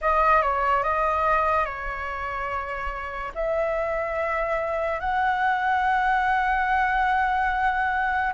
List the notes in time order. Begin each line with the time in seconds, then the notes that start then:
0.01 D#5
0.42 C#5
0.83 D#5
1.65 C#5
3.34 E5
5.00 F#5